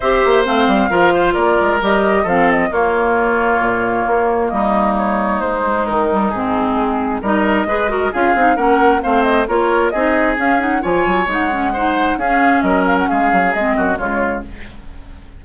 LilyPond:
<<
  \new Staff \with { instrumentName = "flute" } { \time 4/4 \tempo 4 = 133 e''4 f''2 d''4 | dis''4 f''8 dis''8 cis''2~ | cis''2 dis''4 cis''4 | c''4 ais'4 gis'2 |
dis''2 f''4 fis''4 | f''8 dis''8 cis''4 dis''4 f''8 fis''8 | gis''4 fis''2 f''4 | dis''8 f''16 fis''16 f''4 dis''4 cis''4 | }
  \new Staff \with { instrumentName = "oboe" } { \time 4/4 c''2 ais'8 c''8 ais'4~ | ais'4 a'4 f'2~ | f'2 dis'2~ | dis'1 |
ais'4 b'8 ais'8 gis'4 ais'4 | c''4 ais'4 gis'2 | cis''2 c''4 gis'4 | ais'4 gis'4. fis'8 f'4 | }
  \new Staff \with { instrumentName = "clarinet" } { \time 4/4 g'4 c'4 f'2 | g'4 c'4 ais2~ | ais1~ | ais8 gis4 g8 c'2 |
dis'4 gis'8 fis'8 f'8 dis'8 cis'4 | c'4 f'4 dis'4 cis'8 dis'8 | f'4 dis'8 cis'8 dis'4 cis'4~ | cis'2 c'4 gis4 | }
  \new Staff \with { instrumentName = "bassoon" } { \time 4/4 c'8 ais8 a8 g8 f4 ais8 gis8 | g4 f4 ais2 | ais,4 ais4 g2 | gis4 dis4 gis,4 gis4 |
g4 gis4 cis'8 c'8 ais4 | a4 ais4 c'4 cis'4 | f8 fis8 gis2 cis'4 | fis4 gis8 fis8 gis8 fis,8 cis4 | }
>>